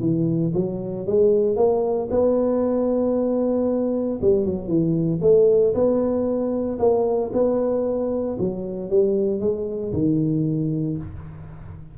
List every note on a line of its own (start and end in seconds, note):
0.00 0.52 E3
0.54 1.06 F#3
1.06 1.56 G#3
1.56 2.08 A#3
2.10 4.19 B3
4.21 4.45 G3
4.45 4.67 F#3
4.67 5.20 E3
5.21 5.73 A3
5.74 6.78 B3
6.78 7.31 A#3
7.33 8.37 B3
8.39 8.90 F#3
8.90 9.40 G3
9.40 9.92 G#3
9.92 10.97 D#3